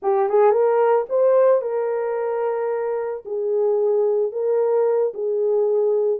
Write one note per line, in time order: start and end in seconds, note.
0.02 0.29 G4
0.29 0.51 G#4
0.51 1.05 A#4
1.09 1.61 C5
1.61 3.23 A#4
3.25 4.31 G#4
4.31 5.13 A#4
5.14 6.20 G#4